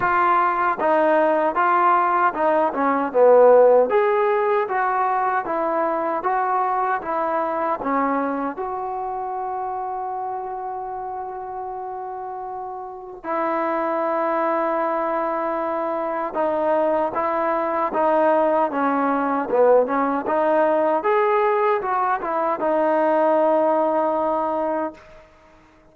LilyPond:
\new Staff \with { instrumentName = "trombone" } { \time 4/4 \tempo 4 = 77 f'4 dis'4 f'4 dis'8 cis'8 | b4 gis'4 fis'4 e'4 | fis'4 e'4 cis'4 fis'4~ | fis'1~ |
fis'4 e'2.~ | e'4 dis'4 e'4 dis'4 | cis'4 b8 cis'8 dis'4 gis'4 | fis'8 e'8 dis'2. | }